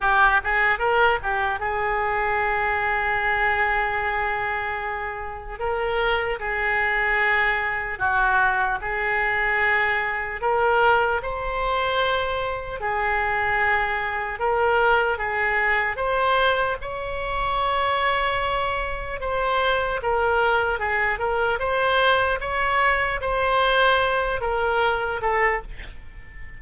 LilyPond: \new Staff \with { instrumentName = "oboe" } { \time 4/4 \tempo 4 = 75 g'8 gis'8 ais'8 g'8 gis'2~ | gis'2. ais'4 | gis'2 fis'4 gis'4~ | gis'4 ais'4 c''2 |
gis'2 ais'4 gis'4 | c''4 cis''2. | c''4 ais'4 gis'8 ais'8 c''4 | cis''4 c''4. ais'4 a'8 | }